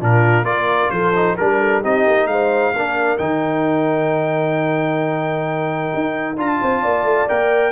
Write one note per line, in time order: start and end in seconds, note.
0.00 0.42 A#2
0.00 0.44 D4
0.00 0.45 F4
0.00 0.45 A#4
0.42 0.87 A#3
0.42 1.12 F4
0.42 0.92 A#4
0.42 0.90 D5
0.90 1.36 F3
0.90 1.37 A4
0.90 1.36 C5
1.15 1.37 D#4
1.36 1.84 G3
1.36 1.83 D4
1.36 1.82 A#4
1.36 1.59 A#4
1.59 1.82 A4
1.82 2.06 C4
1.82 2.74 D#4
1.82 2.27 G4
1.82 2.26 D#5
2.06 2.26 A#3
2.26 2.71 G#3
2.26 2.75 C5
2.26 3.17 F5
2.73 3.19 A#3
2.73 3.18 D4
2.73 6.59 A#4
3.18 5.92 D#3
3.18 6.36 D#4
3.18 6.36 G5
5.94 6.37 D#4
6.37 6.60 D4
6.37 7.27 F4
6.37 7.29 A5
6.59 6.84 C4
6.59 6.82 C5
6.82 7.03 A#3
6.82 7.72 D5
7.03 7.25 A3
7.27 7.72 A#3
7.27 7.72 A#4
7.27 7.72 G5